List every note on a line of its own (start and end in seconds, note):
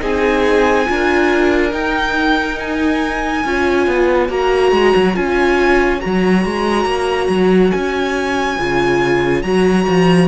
0.00 0.87 C4
0.00 0.85 D#4
0.00 0.87 G#4
0.00 1.73 G#5
0.85 1.72 D4
0.85 1.71 F4
0.85 3.45 A#4
1.72 3.44 D#4
1.72 2.58 G5
2.59 4.31 G#5
3.45 3.87 C#4
3.45 4.29 F4
3.45 10.28 C#5
3.87 4.29 B3
4.29 4.72 A#3
4.29 5.14 F#4
4.29 5.16 A#5
4.72 4.93 G#3
4.95 5.16 F#3
5.14 6.02 C#4
5.14 5.99 F4
5.14 6.00 G#5
6.00 6.45 F#3
6.00 8.57 F#4
6.00 7.71 A#5
6.45 6.85 G#3
6.85 7.28 A#3
7.29 7.72 F#3
7.71 8.59 C#4
7.71 9.42 G#5
8.58 9.43 C#3
8.58 9.44 F4
9.42 9.86 F#3
9.42 10.28 F#4
9.42 10.28 A#5
9.87 10.28 F3